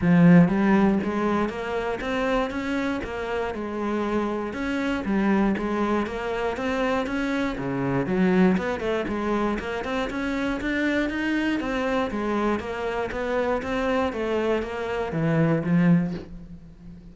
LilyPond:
\new Staff \with { instrumentName = "cello" } { \time 4/4 \tempo 4 = 119 f4 g4 gis4 ais4 | c'4 cis'4 ais4 gis4~ | gis4 cis'4 g4 gis4 | ais4 c'4 cis'4 cis4 |
fis4 b8 a8 gis4 ais8 c'8 | cis'4 d'4 dis'4 c'4 | gis4 ais4 b4 c'4 | a4 ais4 e4 f4 | }